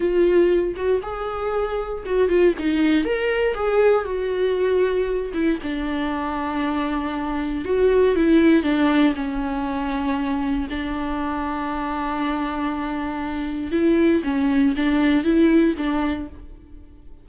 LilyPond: \new Staff \with { instrumentName = "viola" } { \time 4/4 \tempo 4 = 118 f'4. fis'8 gis'2 | fis'8 f'8 dis'4 ais'4 gis'4 | fis'2~ fis'8 e'8 d'4~ | d'2. fis'4 |
e'4 d'4 cis'2~ | cis'4 d'2.~ | d'2. e'4 | cis'4 d'4 e'4 d'4 | }